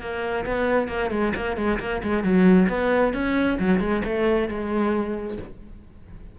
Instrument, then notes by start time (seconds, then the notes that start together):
cello
0.00 A#3
0.45 B3
0.88 A#3
1.10 G#3
1.35 A#3
1.56 G#3
1.79 A#3
2.03 G#3
2.23 F#3
2.68 B3
3.13 C#4
3.59 F#3
3.80 G#3
4.04 A3
4.48 G#3